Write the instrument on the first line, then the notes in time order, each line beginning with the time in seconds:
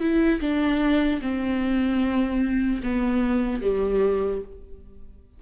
viola
0.00 E4
0.41 D4
1.21 C4
2.83 B3
3.62 G3